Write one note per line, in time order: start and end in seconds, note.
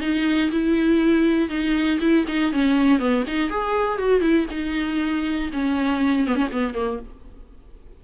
0.00 0.50 D#4
0.51 1.49 E4
1.49 1.99 D#4
2.00 2.25 E4
2.27 2.52 D#4
2.52 2.99 C#4
2.99 3.24 B3
3.27 3.50 D#4
3.50 3.98 G#4
3.98 4.20 F#4
4.20 4.45 E4
4.50 5.50 D#4
5.52 6.27 C#4
6.27 6.35 B3
6.35 6.47 C#4
6.52 6.74 B3
6.74 6.99 A#3